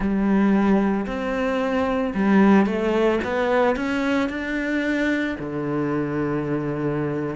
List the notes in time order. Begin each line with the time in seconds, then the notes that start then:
0.00 G3
1.06 C4
2.14 G3
2.66 A3
3.23 B3
3.75 C#4
4.29 D4
5.39 D3